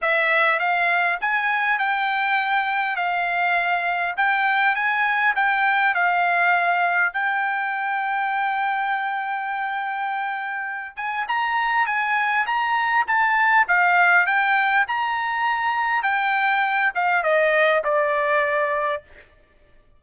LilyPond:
\new Staff \with { instrumentName = "trumpet" } { \time 4/4 \tempo 4 = 101 e''4 f''4 gis''4 g''4~ | g''4 f''2 g''4 | gis''4 g''4 f''2 | g''1~ |
g''2~ g''8 gis''8 ais''4 | gis''4 ais''4 a''4 f''4 | g''4 ais''2 g''4~ | g''8 f''8 dis''4 d''2 | }